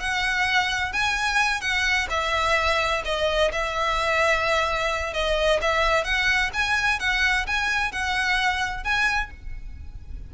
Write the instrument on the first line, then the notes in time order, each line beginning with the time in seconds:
violin
0.00 F#5
0.93 G#5
1.61 F#5
2.10 E5
3.05 D#5
3.52 E5
5.14 D#5
5.62 E5
6.04 F#5
6.54 G#5
7.00 F#5
7.47 G#5
7.92 F#5
8.84 G#5